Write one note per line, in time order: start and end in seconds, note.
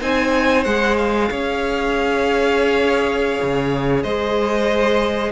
0.00 0.66 C4
0.00 0.66 D#4
0.00 1.29 C5
0.00 0.65 G#5
0.65 1.31 G#3
0.65 5.32 G#4
0.65 0.97 F#5
0.98 4.03 F5
1.30 3.41 C#4
1.30 4.03 C#5
3.42 4.04 C#3
4.03 5.32 G#3
4.03 5.32 C5
4.03 5.32 D#5